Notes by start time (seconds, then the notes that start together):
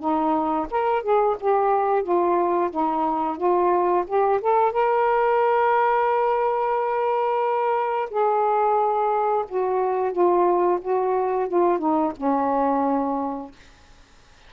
0.00 D#4
0.71 A#4
1.03 G#4
1.40 G4
2.03 F4
2.71 D#4
3.38 F4
4.07 G4
4.42 A4
4.73 A#4
8.11 G#4
9.49 F#4
10.12 F4
10.82 F#4
11.49 F4
11.79 D#4
12.17 C#4